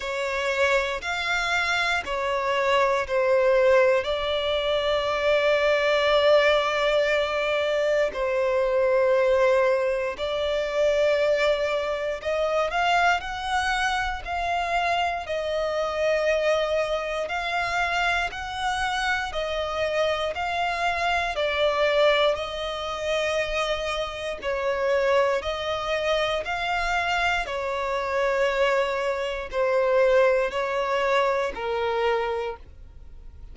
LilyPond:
\new Staff \with { instrumentName = "violin" } { \time 4/4 \tempo 4 = 59 cis''4 f''4 cis''4 c''4 | d''1 | c''2 d''2 | dis''8 f''8 fis''4 f''4 dis''4~ |
dis''4 f''4 fis''4 dis''4 | f''4 d''4 dis''2 | cis''4 dis''4 f''4 cis''4~ | cis''4 c''4 cis''4 ais'4 | }